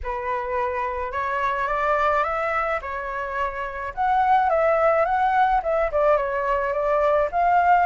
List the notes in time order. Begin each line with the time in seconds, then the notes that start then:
0.03 B4
1.12 C#5
1.67 D5
2.23 E5
2.81 C#5
3.94 F#5
4.49 E5
5.05 F#5
5.62 E5
5.91 D5
6.16 C#5
6.72 D5
7.31 F5